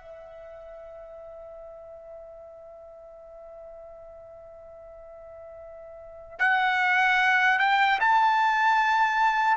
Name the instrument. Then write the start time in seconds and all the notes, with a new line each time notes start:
trumpet
0.00 E5
6.39 F#5
7.59 G5
8.00 A5